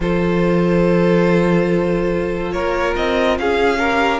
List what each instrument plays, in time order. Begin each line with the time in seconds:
0.00 cello F3, viola F4, violin A4 C5
2.52 cello A#3, violin A#4 C#5
2.95 cello C4, violin D#5
3.38 cello C#4, violin G#4 F5
3.78 viola G4, violin A#4